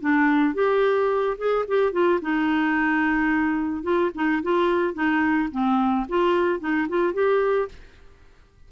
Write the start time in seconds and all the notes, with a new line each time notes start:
0.00 D4
0.54 G4
1.38 G#4
1.67 G4
1.92 F4
2.21 D#4
3.83 F4
4.14 D#4
4.42 F4
4.94 D#4
5.51 C4
6.09 F4
6.60 D#4
6.89 F4
7.13 G4